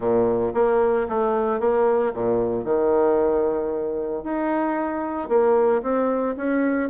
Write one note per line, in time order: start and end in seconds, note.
0.00 0.52 A#2
0.54 1.07 A#3
1.08 1.60 A3
1.60 2.13 A#3
2.13 2.64 A#2
2.64 4.23 D#3
4.23 5.28 D#4
5.28 5.81 A#3
5.82 6.35 C4
6.36 6.89 C#4